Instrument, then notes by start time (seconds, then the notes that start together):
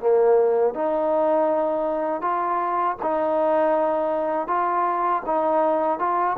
trombone
0.00 A#3
0.74 D#4
2.22 F4
3.02 D#4
4.47 F4
5.26 D#4
5.99 F4